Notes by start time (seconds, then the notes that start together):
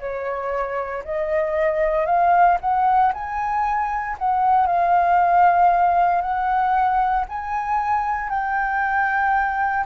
0.00 C#5
1.04 D#5
2.06 F5
2.61 F#5
3.13 G#5
4.18 F#5
4.67 F5
6.22 F#5
7.28 G#5
8.29 G5